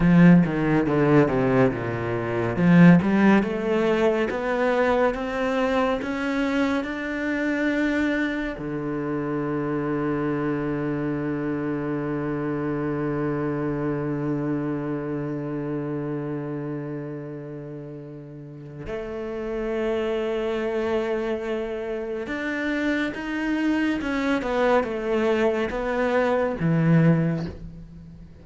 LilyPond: \new Staff \with { instrumentName = "cello" } { \time 4/4 \tempo 4 = 70 f8 dis8 d8 c8 ais,4 f8 g8 | a4 b4 c'4 cis'4 | d'2 d2~ | d1~ |
d1~ | d2 a2~ | a2 d'4 dis'4 | cis'8 b8 a4 b4 e4 | }